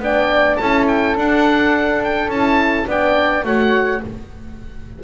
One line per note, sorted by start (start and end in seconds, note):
0.00 0.57 B3
0.00 0.59 D4
0.00 0.61 D5
0.00 0.57 G5
0.57 1.17 C#4
0.57 1.16 E4
0.57 2.88 A4
0.57 0.86 A5
0.88 1.17 G5
1.16 2.31 D4
1.16 2.29 D4
1.16 2.04 F#5
2.04 2.30 G5
2.29 2.86 C#4
2.29 2.89 E4
2.29 2.87 A5
2.87 3.44 B3
2.87 3.45 D4
2.87 3.45 D5
2.87 3.46 G5
3.44 4.01 A3
3.44 4.02 F#4
3.44 4.04 C#5
3.44 4.03 F#5